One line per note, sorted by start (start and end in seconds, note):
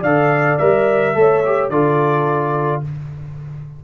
0.00 0.58 D3
0.00 0.59 A4
0.00 1.12 D5
0.00 0.58 F5
0.58 1.15 G3
0.58 1.15 A#4
0.58 1.70 E5
1.15 1.69 A3
1.15 1.43 A4
1.15 1.71 C#5
1.45 1.71 G4
1.69 2.81 D3
1.69 2.84 F4
1.69 2.83 A4
1.69 2.82 D5